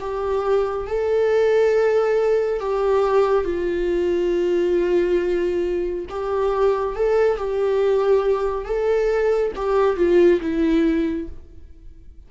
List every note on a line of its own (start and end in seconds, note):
0.00 0.87 G4
0.87 2.60 A4
2.60 3.44 G4
3.44 6.05 F4
6.09 6.96 G4
6.96 7.37 A4
7.37 8.65 G4
8.65 9.52 A4
9.55 9.96 G4
9.96 10.40 F4
10.41 11.28 E4